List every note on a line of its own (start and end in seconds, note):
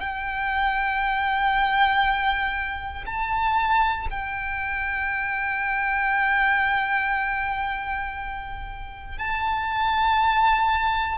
0.00 3.05 G5
3.06 4.08 A5
4.10 9.18 G5
9.18 11.18 A5